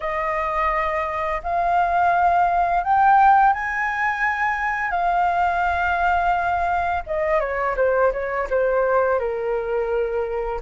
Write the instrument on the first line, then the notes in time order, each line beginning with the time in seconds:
flute
0.00 D#5
1.43 F5
2.83 G5
3.53 G#5
4.91 F5
7.06 D#5
7.40 C#5
7.76 C5
8.12 C#5
8.50 C5
9.19 A#4